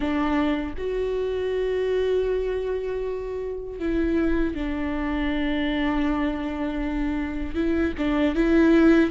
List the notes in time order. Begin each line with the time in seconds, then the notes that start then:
0.00 D4
0.77 F#4
3.79 E4
4.55 D4
7.55 E4
7.97 D4
8.35 E4